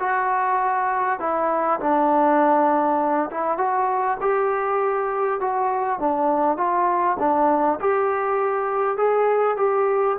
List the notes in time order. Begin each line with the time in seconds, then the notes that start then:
0.00 F#4
1.20 E4
1.80 D4
3.31 E4
3.58 F#4
4.21 G4
5.41 F#4
6.00 D4
6.57 F4
7.20 D4
7.81 G4
8.98 G#4
9.57 G4